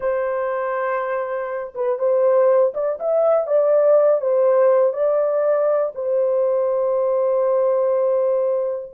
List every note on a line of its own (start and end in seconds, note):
0.00 1.73 C5
1.74 1.98 B4
1.98 2.73 C5
2.74 2.98 D5
2.99 3.46 E5
3.46 4.21 D5
4.21 4.93 C5
4.93 5.92 D5
5.95 8.92 C5